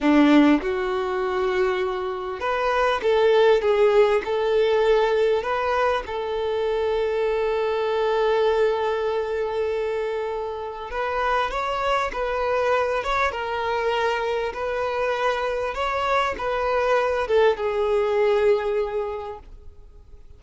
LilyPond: \new Staff \with { instrumentName = "violin" } { \time 4/4 \tempo 4 = 99 d'4 fis'2. | b'4 a'4 gis'4 a'4~ | a'4 b'4 a'2~ | a'1~ |
a'2 b'4 cis''4 | b'4. cis''8 ais'2 | b'2 cis''4 b'4~ | b'8 a'8 gis'2. | }